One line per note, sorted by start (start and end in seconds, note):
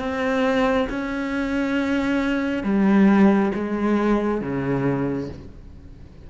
0.00 0.88 C4
0.90 2.64 C#4
2.64 3.52 G3
3.55 4.41 G#3
4.41 5.29 C#3